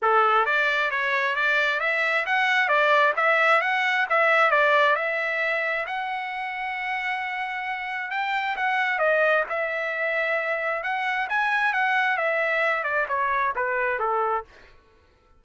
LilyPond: \new Staff \with { instrumentName = "trumpet" } { \time 4/4 \tempo 4 = 133 a'4 d''4 cis''4 d''4 | e''4 fis''4 d''4 e''4 | fis''4 e''4 d''4 e''4~ | e''4 fis''2.~ |
fis''2 g''4 fis''4 | dis''4 e''2. | fis''4 gis''4 fis''4 e''4~ | e''8 d''8 cis''4 b'4 a'4 | }